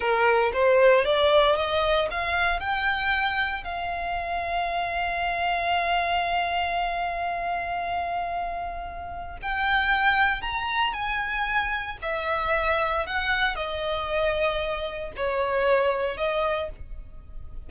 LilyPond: \new Staff \with { instrumentName = "violin" } { \time 4/4 \tempo 4 = 115 ais'4 c''4 d''4 dis''4 | f''4 g''2 f''4~ | f''1~ | f''1~ |
f''2 g''2 | ais''4 gis''2 e''4~ | e''4 fis''4 dis''2~ | dis''4 cis''2 dis''4 | }